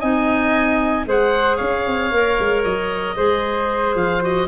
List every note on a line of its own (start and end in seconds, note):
0.00 1.07 C4
0.00 1.06 D#4
0.00 1.05 D#5
0.00 1.06 G#5
1.06 1.60 G#3
1.06 2.11 G#4
1.06 1.57 C5
1.06 1.57 F#5
1.57 1.87 C#4
1.57 3.15 C#5
1.57 2.63 F5
1.87 2.12 C4
2.12 2.38 A#3
2.12 3.17 A#4
2.40 2.65 G#3
2.65 3.18 F#3
2.65 3.96 D#5
3.17 3.95 G#3
3.17 4.21 G#4
3.17 4.48 C5
3.95 4.48 F3
3.95 4.23 F5
4.21 4.47 F#4
4.21 4.49 D#5